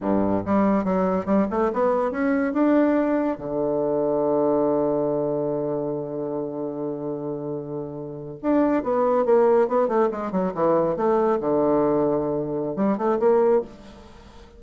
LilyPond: \new Staff \with { instrumentName = "bassoon" } { \time 4/4 \tempo 4 = 141 g,4 g4 fis4 g8 a8 | b4 cis'4 d'2 | d1~ | d1~ |
d2.~ d8. d'16~ | d'8. b4 ais4 b8 a8 gis16~ | gis16 fis8 e4 a4 d4~ d16~ | d2 g8 a8 ais4 | }